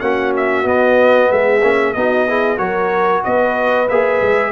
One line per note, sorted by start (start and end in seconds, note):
0.00 0.65 A#3
0.00 0.64 C#4
0.00 1.30 F#4
0.00 0.32 F#5
0.36 0.67 E5
0.64 1.61 B3
0.64 1.29 B3
0.64 1.32 D#5
1.31 1.62 G#3
1.31 1.95 G#4
1.31 1.93 E5
1.62 1.94 A#3
1.62 1.95 C#4
1.93 2.58 B3
1.93 2.28 D#4
1.93 2.28 F#4
1.93 2.58 D#5
2.28 2.58 E4
2.28 2.58 G#4
2.58 3.23 F#3
2.58 3.87 F#4
2.58 3.22 A#4
2.58 3.22 C#5
3.24 3.89 B3
3.24 4.51 B4
3.24 3.88 D#5
3.89 4.22 A#3
3.89 4.51 G#4
3.89 4.51 E5
4.22 4.51 G#3